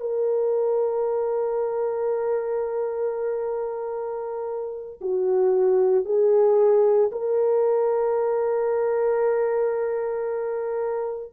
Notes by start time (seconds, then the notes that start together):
0.00 A#4
5.01 F#4
6.05 G#4
7.12 A#4